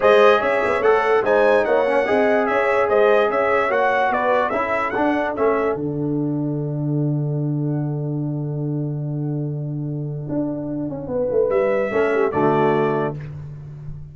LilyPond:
<<
  \new Staff \with { instrumentName = "trumpet" } { \time 4/4 \tempo 4 = 146 dis''4 e''4 fis''4 gis''4 | fis''2 e''4 dis''4 | e''4 fis''4 d''4 e''4 | fis''4 e''4 fis''2~ |
fis''1~ | fis''1~ | fis''1 | e''2 d''2 | }
  \new Staff \with { instrumentName = "horn" } { \time 4/4 c''4 cis''2 c''4 | cis''4 dis''4 cis''4 c''4 | cis''2 b'4 a'4~ | a'1~ |
a'1~ | a'1~ | a'2. b'4~ | b'4 a'8 g'8 fis'2 | }
  \new Staff \with { instrumentName = "trombone" } { \time 4/4 gis'2 a'4 dis'4~ | dis'8 cis'8 gis'2.~ | gis'4 fis'2 e'4 | d'4 cis'4 d'2~ |
d'1~ | d'1~ | d'1~ | d'4 cis'4 a2 | }
  \new Staff \with { instrumentName = "tuba" } { \time 4/4 gis4 cis'8 b8 a4 gis4 | ais4 c'4 cis'4 gis4 | cis'4 ais4 b4 cis'4 | d'4 a4 d2~ |
d1~ | d1~ | d4 d'4. cis'8 b8 a8 | g4 a4 d2 | }
>>